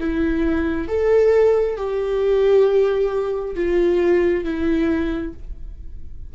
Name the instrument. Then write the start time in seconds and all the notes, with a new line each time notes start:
viola
0.00 E4
0.88 A4
1.77 G4
3.56 F4
4.44 E4